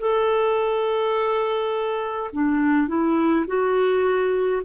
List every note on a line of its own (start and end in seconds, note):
0.00 2.31 A4
2.33 2.88 D4
2.88 3.46 E4
3.47 4.63 F#4